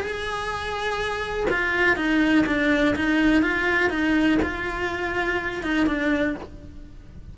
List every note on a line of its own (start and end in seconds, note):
0.00 1.46 G#4
1.50 1.96 F4
1.96 2.45 D#4
2.46 2.95 D4
2.96 3.42 D#4
3.42 3.89 F4
3.89 4.38 D#4
4.42 5.63 F4
5.63 5.86 D#4
5.86 6.35 D4